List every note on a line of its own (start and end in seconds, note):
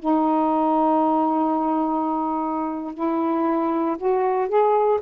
0.00 2.95 D#4
2.95 3.97 E4
3.98 4.49 F#4
4.49 5.00 G#4